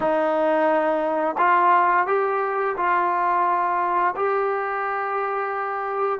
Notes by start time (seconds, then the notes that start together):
0.00 D#4
1.38 F4
2.07 G4
2.76 F4
4.16 G4